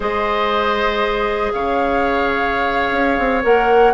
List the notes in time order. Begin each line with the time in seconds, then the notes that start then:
0.00 G#3 G#4 C5 D#5
1.52 C#3 C#5 F5
2.91 C#4
3.18 C4
3.42 A#3 A#4 F#5